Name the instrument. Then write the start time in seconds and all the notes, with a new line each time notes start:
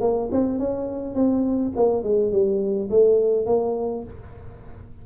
tuba
0.00 A#3
0.31 C4
0.58 C#4
1.15 C4
1.76 A#3
2.03 G#3
2.32 G3
2.90 A3
3.46 A#3